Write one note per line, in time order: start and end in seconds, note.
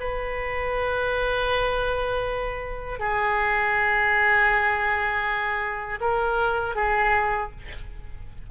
0.00 3.00 B4
3.00 6.00 G#4
6.01 6.76 A#4
6.76 7.51 G#4